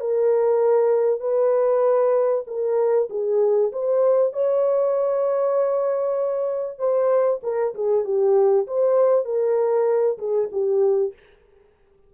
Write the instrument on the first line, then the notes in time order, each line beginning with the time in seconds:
horn
0.00 A#4
1.20 B4
2.47 A#4
3.10 G#4
3.72 C5
4.33 C#5
6.78 C5
7.43 A#4
7.74 G#4
8.05 G4
8.67 C5
9.25 A#4
10.18 G#4
10.52 G4